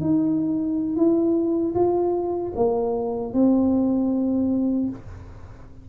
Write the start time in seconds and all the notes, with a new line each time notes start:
0.00 D#4
0.96 E4
1.75 F4
2.56 A#3
3.33 C4